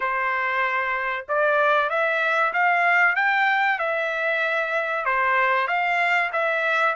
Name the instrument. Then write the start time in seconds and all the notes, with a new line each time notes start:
trumpet
0.00 C5
1.28 D5
1.89 E5
2.53 F5
3.16 G5
3.78 E5
5.05 C5
5.67 F5
6.32 E5